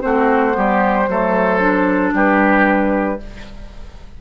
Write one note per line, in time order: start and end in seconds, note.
0.00 0.56 A3
0.00 0.50 C4
0.00 0.56 F#4
0.00 2.12 C5
0.50 1.08 G3
0.50 1.03 B3
0.56 1.09 G4
1.08 2.12 F#3
1.08 1.59 A3
1.08 2.14 A4
1.59 3.17 D4
2.12 3.18 G3
2.12 3.19 G4
2.12 3.21 B4